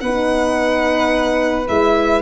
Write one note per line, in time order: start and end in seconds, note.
0.00 1.67 B3
0.00 1.67 D#4
0.00 2.21 B4
0.00 1.67 F#5
1.67 2.21 G#3
1.67 2.21 E4
1.67 2.21 E5